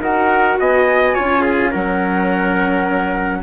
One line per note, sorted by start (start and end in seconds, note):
0.00 0.57 D#4
0.00 1.16 F#4
0.00 0.59 A#4
0.00 0.59 F#5
0.60 1.16 B3
0.60 1.15 D#5
0.60 1.73 G#5
1.15 1.75 C#4
1.15 1.73 F4
1.15 1.42 C#5
1.42 1.70 G#4
1.71 3.43 F#3
1.71 3.43 C#4
1.71 3.40 A#4
1.71 3.42 F#5